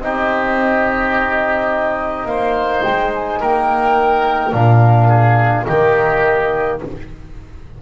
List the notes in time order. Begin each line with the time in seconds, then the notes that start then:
0.00 C4 D#4 G4 D#5
2.25 A#3 C5 F5
2.83 G#3 G5
3.14 G#5
3.40 A#3 A#4 G5
4.52 A#2 D4 F5
5.08 G#4
5.65 D#3 A#3 G4 D#5